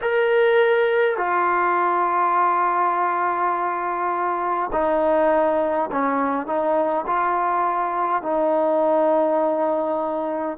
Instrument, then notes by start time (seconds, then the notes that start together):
trombone
0.01 A#4
1.17 F4
4.72 D#4
5.91 C#4
6.46 D#4
7.06 F4
8.22 D#4